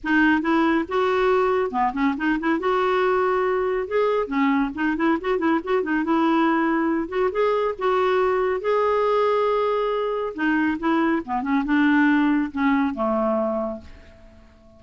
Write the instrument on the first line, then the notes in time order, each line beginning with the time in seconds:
clarinet
0.03 D#4
0.41 E4
0.88 F#4
1.71 B3
1.93 C#4
2.17 D#4
2.39 E4
2.59 F#4
3.87 G#4
4.27 C#4
4.75 D#4
4.96 E4
5.21 F#4
5.38 E4
5.64 F#4
5.82 D#4
6.03 E4
7.08 F#4
7.31 G#4
7.78 F#4
8.60 G#4
10.34 D#4
10.79 E4
11.25 B3
11.42 C#4
11.64 D4
12.51 C#4
12.94 A3